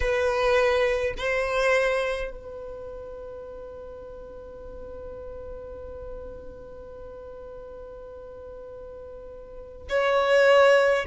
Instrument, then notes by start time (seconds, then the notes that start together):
violin
0.00 B4
1.17 C5
2.30 B4
9.89 C#5